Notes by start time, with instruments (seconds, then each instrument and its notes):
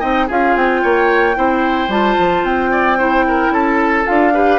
0.00 bassoon C4, clarinet D#4, oboe D#5, flute G5
0.27 bassoon C#4, clarinet F4, oboe G#4, flute F5
0.56 bassoon C4, flute G5
0.83 bassoon A#3, oboe C#5
1.34 bassoon C4, clarinet E4, oboe C5
1.89 bassoon G3, clarinet F4, flute A5
2.19 bassoon F3
2.43 bassoon C4, flute G5
2.71 oboe D5
2.98 clarinet E4, oboe C5
3.28 oboe A#4
3.50 bassoon C#4, oboe A4, flute A5
4.05 bassoon D4, clarinet F4, flute F5
4.34 clarinet G4, oboe B4